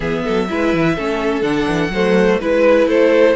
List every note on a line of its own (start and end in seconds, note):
0.00 0.21 E3
0.00 0.47 B3
0.00 0.23 G#4
0.00 1.42 E5
0.24 0.49 F#3
0.24 0.48 A4
0.49 0.73 G#3
0.49 0.97 E4
0.49 0.95 B4
0.73 0.97 E3
0.95 1.41 A3
0.95 1.42 C#4
0.95 1.91 A4
1.41 1.65 D3
1.41 1.90 D4
1.41 2.38 F#5
1.68 1.89 E3
1.89 2.37 F#3
1.89 2.41 A3
1.89 2.40 C5
2.40 2.87 G#3
2.40 3.35 E4
2.40 2.87 B4
2.40 2.88 B4
2.87 3.35 A3
2.87 3.35 A4
2.87 3.35 C5